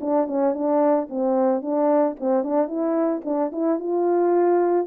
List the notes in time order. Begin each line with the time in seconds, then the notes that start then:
0.00 D4
0.27 C#4
0.53 D4
1.09 C4
1.62 D4
2.19 C4
2.43 D4
2.67 E4
3.24 D4
3.52 E4
3.79 F4